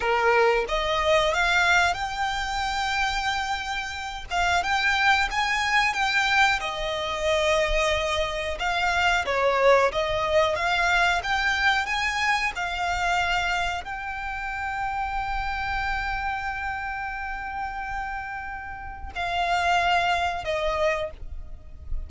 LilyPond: \new Staff \with { instrumentName = "violin" } { \time 4/4 \tempo 4 = 91 ais'4 dis''4 f''4 g''4~ | g''2~ g''8 f''8 g''4 | gis''4 g''4 dis''2~ | dis''4 f''4 cis''4 dis''4 |
f''4 g''4 gis''4 f''4~ | f''4 g''2.~ | g''1~ | g''4 f''2 dis''4 | }